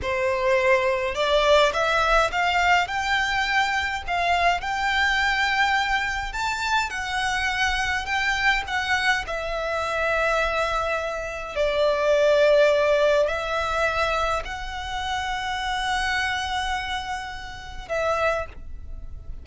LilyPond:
\new Staff \with { instrumentName = "violin" } { \time 4/4 \tempo 4 = 104 c''2 d''4 e''4 | f''4 g''2 f''4 | g''2. a''4 | fis''2 g''4 fis''4 |
e''1 | d''2. e''4~ | e''4 fis''2.~ | fis''2. e''4 | }